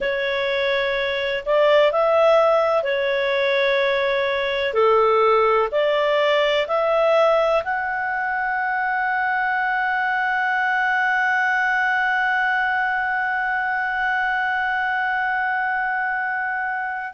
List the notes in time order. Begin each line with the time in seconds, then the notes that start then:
0.00 C#5
1.45 D5
1.92 E5
2.83 C#5
4.73 A4
5.71 D5
6.67 E5
7.64 F#5